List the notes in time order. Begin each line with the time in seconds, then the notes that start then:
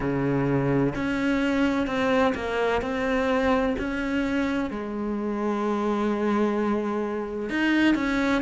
0.00 C#3
0.95 C#4
1.87 C4
2.34 A#3
2.81 C4
3.78 C#4
4.70 G#3
7.49 D#4
7.95 C#4